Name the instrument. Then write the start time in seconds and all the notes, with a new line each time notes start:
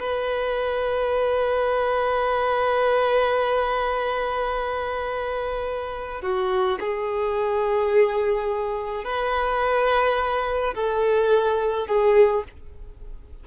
violin
0.00 B4
6.22 F#4
6.80 G#4
9.05 B4
10.75 A4
11.87 G#4